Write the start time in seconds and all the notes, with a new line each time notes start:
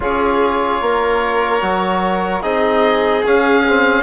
0.00 C#4 F4 G#4 C#5
0.81 A#3 A#4
1.61 F#3 F#4
2.41 C4 D#4 G#4 D#5
3.25 C#4 F5
3.67 C4